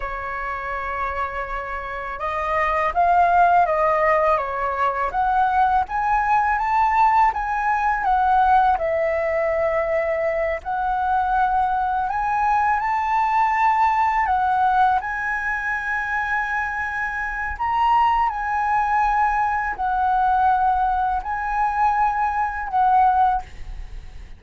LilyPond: \new Staff \with { instrumentName = "flute" } { \time 4/4 \tempo 4 = 82 cis''2. dis''4 | f''4 dis''4 cis''4 fis''4 | gis''4 a''4 gis''4 fis''4 | e''2~ e''8 fis''4.~ |
fis''8 gis''4 a''2 fis''8~ | fis''8 gis''2.~ gis''8 | ais''4 gis''2 fis''4~ | fis''4 gis''2 fis''4 | }